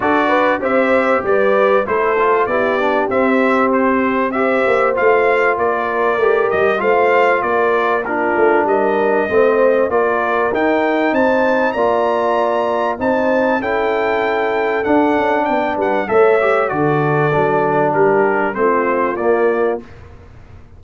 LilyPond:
<<
  \new Staff \with { instrumentName = "trumpet" } { \time 4/4 \tempo 4 = 97 d''4 e''4 d''4 c''4 | d''4 e''4 c''4 e''4 | f''4 d''4. dis''8 f''4 | d''4 ais'4 dis''2 |
d''4 g''4 a''4 ais''4~ | ais''4 a''4 g''2 | fis''4 g''8 fis''8 e''4 d''4~ | d''4 ais'4 c''4 d''4 | }
  \new Staff \with { instrumentName = "horn" } { \time 4/4 a'8 b'8 c''4 b'4 a'4 | g'2. c''4~ | c''4 ais'2 c''4 | ais'4 f'4 ais'4 c''4 |
ais'2 c''4 d''4~ | d''4 c''4 a'2~ | a'4 d''8 b'8 cis''4 a'4~ | a'4 g'4 f'2 | }
  \new Staff \with { instrumentName = "trombone" } { \time 4/4 fis'4 g'2 e'8 f'8 | e'8 d'8 c'2 g'4 | f'2 g'4 f'4~ | f'4 d'2 c'4 |
f'4 dis'2 f'4~ | f'4 dis'4 e'2 | d'2 a'8 g'8 fis'4 | d'2 c'4 ais4 | }
  \new Staff \with { instrumentName = "tuba" } { \time 4/4 d'4 c'4 g4 a4 | b4 c'2~ c'8 ais8 | a4 ais4 a8 g8 a4 | ais4. a8 g4 a4 |
ais4 dis'4 c'4 ais4~ | ais4 c'4 cis'2 | d'8 cis'8 b8 g8 a4 d4 | fis4 g4 a4 ais4 | }
>>